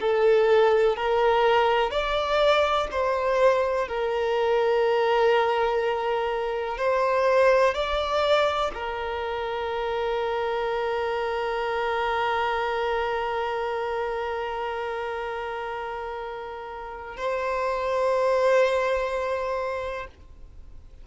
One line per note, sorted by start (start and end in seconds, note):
0.00 0.96 A4
0.96 1.90 A#4
1.90 2.87 D5
2.91 3.88 C5
3.88 6.77 A#4
6.77 7.74 C5
7.74 8.71 D5
8.74 17.16 A#4
17.16 20.07 C5